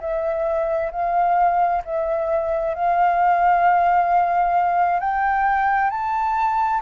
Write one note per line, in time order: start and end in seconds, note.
0.00 0.91 E5
0.91 1.82 F5
1.84 2.74 E5
2.74 5.00 F5
5.00 5.90 G5
5.90 6.81 A5